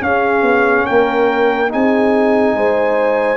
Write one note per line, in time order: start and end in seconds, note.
0.00 1.68 C#4
0.00 0.42 C#4
0.00 0.86 G#4
0.00 0.86 F5
0.42 0.84 B3
0.86 1.73 A#3
0.86 1.70 A#4
0.86 1.70 G5
1.68 2.55 C4
1.68 3.37 D#4
1.68 2.55 G#4
1.68 3.37 G#5
2.55 3.37 G#3
2.55 3.37 C5